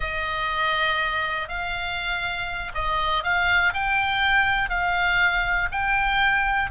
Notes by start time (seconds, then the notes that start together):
0.00 D#5
1.48 F5
2.74 D#5
3.23 F5
3.73 G5
4.69 F5
5.71 G5